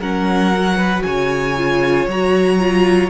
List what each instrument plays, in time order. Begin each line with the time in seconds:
0.00 cello F#3, viola C#4, violin A#4 F#5
0.55 viola F#4
0.77 violin B4
1.03 cello C#3, violin C#5 G#5
1.57 viola F4
2.07 cello F#3, viola F#4, violin A#5
2.59 viola F4